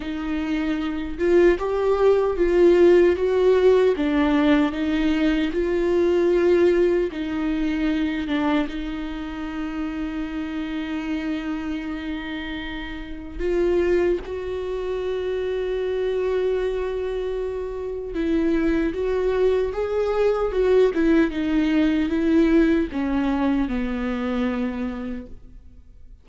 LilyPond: \new Staff \with { instrumentName = "viola" } { \time 4/4 \tempo 4 = 76 dis'4. f'8 g'4 f'4 | fis'4 d'4 dis'4 f'4~ | f'4 dis'4. d'8 dis'4~ | dis'1~ |
dis'4 f'4 fis'2~ | fis'2. e'4 | fis'4 gis'4 fis'8 e'8 dis'4 | e'4 cis'4 b2 | }